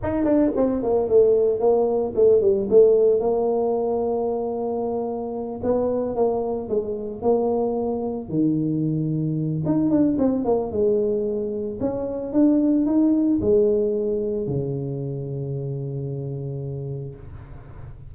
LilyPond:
\new Staff \with { instrumentName = "tuba" } { \time 4/4 \tempo 4 = 112 dis'8 d'8 c'8 ais8 a4 ais4 | a8 g8 a4 ais2~ | ais2~ ais8 b4 ais8~ | ais8 gis4 ais2 dis8~ |
dis2 dis'8 d'8 c'8 ais8 | gis2 cis'4 d'4 | dis'4 gis2 cis4~ | cis1 | }